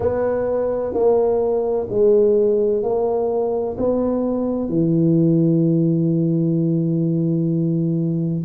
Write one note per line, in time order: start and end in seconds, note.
0.00 0.93 B3
0.93 1.87 A#3
1.89 2.83 G#3
2.83 3.76 A#3
3.77 4.69 B3
4.69 8.44 E3